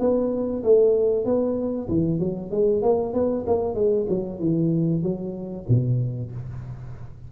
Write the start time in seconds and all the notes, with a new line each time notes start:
0.00 B3
0.63 A3
1.25 B3
1.89 E3
2.20 F#3
2.51 G#3
2.82 A#3
3.13 B3
3.47 A#3
3.75 G#3
4.09 F#3
4.39 E3
5.03 F#3
5.68 B2